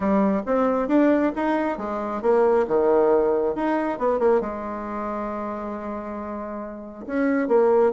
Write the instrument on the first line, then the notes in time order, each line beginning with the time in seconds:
bassoon
0.00 G3
0.45 C4
0.87 D4
1.35 D#4
1.77 G#3
2.21 A#3
2.67 D#3
3.55 D#4
3.98 B3
4.19 A#3
4.41 G#3
7.06 C#4
7.48 A#3